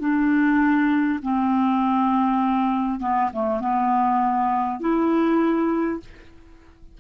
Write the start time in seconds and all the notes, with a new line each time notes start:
0.00 D4
1.23 C4
3.01 B3
3.33 A3
3.61 B3
4.80 E4